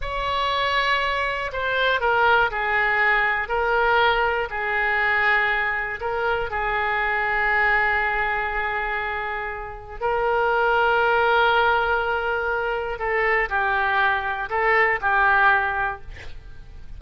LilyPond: \new Staff \with { instrumentName = "oboe" } { \time 4/4 \tempo 4 = 120 cis''2. c''4 | ais'4 gis'2 ais'4~ | ais'4 gis'2. | ais'4 gis'2.~ |
gis'1 | ais'1~ | ais'2 a'4 g'4~ | g'4 a'4 g'2 | }